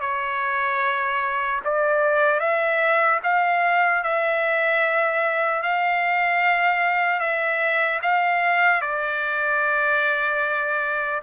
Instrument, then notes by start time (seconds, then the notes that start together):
trumpet
0.00 C#5
1.64 D5
2.40 E5
3.23 F5
4.03 E5
5.62 F5
7.20 E5
8.02 F5
8.81 D5